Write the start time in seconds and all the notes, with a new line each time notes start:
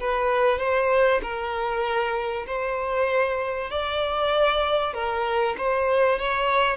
0.00 B4
0.59 C5
1.22 A#4
2.46 C5
3.70 D5
4.93 A#4
5.57 C5
6.19 C#5